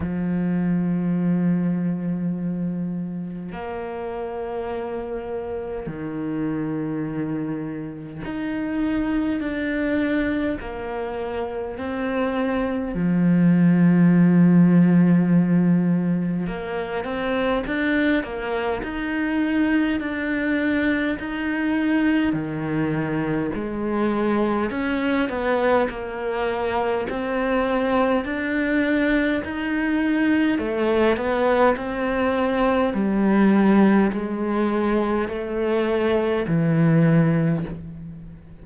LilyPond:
\new Staff \with { instrumentName = "cello" } { \time 4/4 \tempo 4 = 51 f2. ais4~ | ais4 dis2 dis'4 | d'4 ais4 c'4 f4~ | f2 ais8 c'8 d'8 ais8 |
dis'4 d'4 dis'4 dis4 | gis4 cis'8 b8 ais4 c'4 | d'4 dis'4 a8 b8 c'4 | g4 gis4 a4 e4 | }